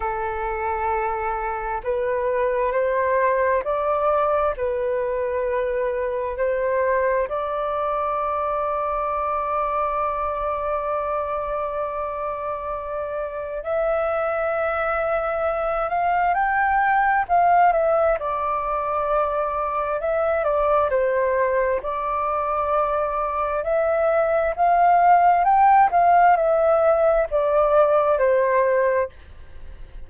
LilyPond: \new Staff \with { instrumentName = "flute" } { \time 4/4 \tempo 4 = 66 a'2 b'4 c''4 | d''4 b'2 c''4 | d''1~ | d''2. e''4~ |
e''4. f''8 g''4 f''8 e''8 | d''2 e''8 d''8 c''4 | d''2 e''4 f''4 | g''8 f''8 e''4 d''4 c''4 | }